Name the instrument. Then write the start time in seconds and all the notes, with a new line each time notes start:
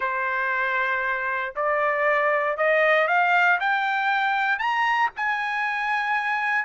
trumpet
0.00 C5
1.55 D5
2.57 D#5
3.07 F5
3.60 G5
4.59 A#5
5.16 G#5